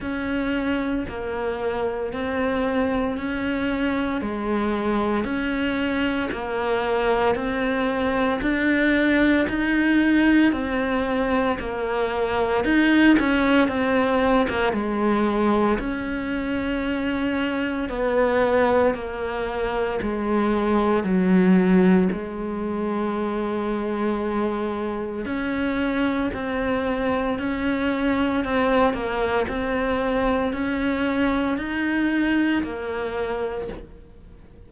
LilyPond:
\new Staff \with { instrumentName = "cello" } { \time 4/4 \tempo 4 = 57 cis'4 ais4 c'4 cis'4 | gis4 cis'4 ais4 c'4 | d'4 dis'4 c'4 ais4 | dis'8 cis'8 c'8. ais16 gis4 cis'4~ |
cis'4 b4 ais4 gis4 | fis4 gis2. | cis'4 c'4 cis'4 c'8 ais8 | c'4 cis'4 dis'4 ais4 | }